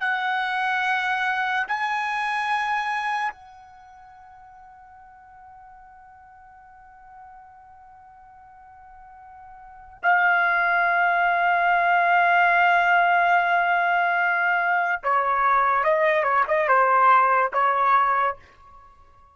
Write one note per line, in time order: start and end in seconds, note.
0.00 1.67 F#5
1.67 3.31 G#5
3.31 9.98 F#5
10.02 15.02 F5
15.03 15.84 C#5
15.84 16.23 D#5
16.23 16.44 C#5
16.47 16.68 D#5
16.68 17.51 C5
17.52 18.36 C#5